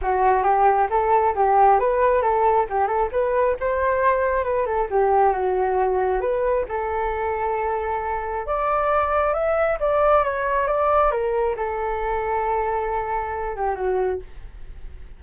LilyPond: \new Staff \with { instrumentName = "flute" } { \time 4/4 \tempo 4 = 135 fis'4 g'4 a'4 g'4 | b'4 a'4 g'8 a'8 b'4 | c''2 b'8 a'8 g'4 | fis'2 b'4 a'4~ |
a'2. d''4~ | d''4 e''4 d''4 cis''4 | d''4 ais'4 a'2~ | a'2~ a'8 g'8 fis'4 | }